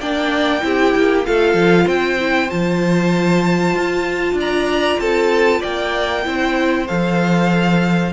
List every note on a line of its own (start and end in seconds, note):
0.00 0.63 A#3
0.00 0.60 D4
0.00 0.62 D5
0.00 1.26 G5
0.60 0.94 C4
0.60 1.23 E4
0.60 1.27 G4
0.96 1.27 A#3
1.25 1.54 A3
1.25 2.19 F4
1.25 1.84 A4
1.25 1.88 F5
1.54 1.85 F3
1.84 2.50 C4
1.84 4.34 C5
1.84 2.50 G5
2.19 2.48 E4
2.48 3.76 F3
2.48 6.23 F4
2.48 4.38 A5
3.76 4.33 F4
4.33 4.96 D4
4.33 5.01 D5
4.40 4.99 A#5
4.99 5.62 C4
4.99 5.60 A4
4.99 5.62 A5
5.60 6.26 A#3
5.60 6.22 D5
5.60 6.87 G5
6.23 6.89 C4
6.23 6.86 E4
6.23 8.12 C5
6.88 8.12 F3
6.88 8.12 A4
6.88 8.12 F5